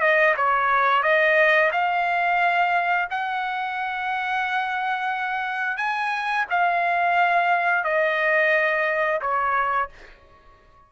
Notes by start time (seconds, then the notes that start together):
0.00 D#5
0.36 C#5
1.02 D#5
1.72 F5
3.10 F#5
5.77 G#5
6.50 F5
7.83 D#5
9.21 C#5